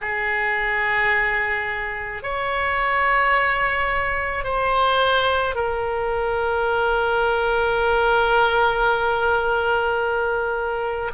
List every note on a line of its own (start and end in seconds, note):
0.01 2.22 G#4
2.22 4.43 C#5
4.43 5.55 C5
5.55 11.11 A#4